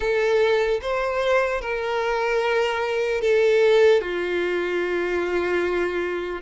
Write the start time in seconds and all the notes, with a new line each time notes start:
0.00 A4
0.81 C5
1.61 A#4
3.21 A4
4.01 F4